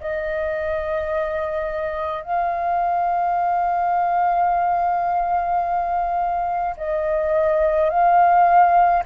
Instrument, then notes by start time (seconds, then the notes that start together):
flute
0.00 D#5
2.22 F5
6.77 D#5
7.90 F5